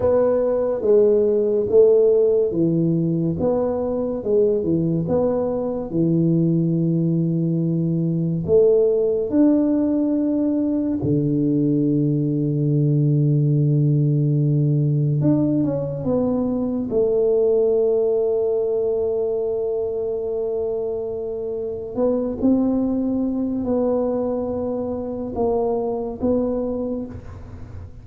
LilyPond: \new Staff \with { instrumentName = "tuba" } { \time 4/4 \tempo 4 = 71 b4 gis4 a4 e4 | b4 gis8 e8 b4 e4~ | e2 a4 d'4~ | d'4 d2.~ |
d2 d'8 cis'8 b4 | a1~ | a2 b8 c'4. | b2 ais4 b4 | }